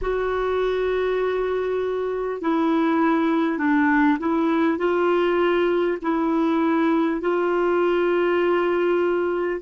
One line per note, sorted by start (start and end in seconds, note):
0.01 2.41 F#4
2.41 3.57 E4
3.57 4.17 D4
4.19 4.77 E4
4.77 5.97 F4
6.02 7.21 E4
7.21 9.61 F4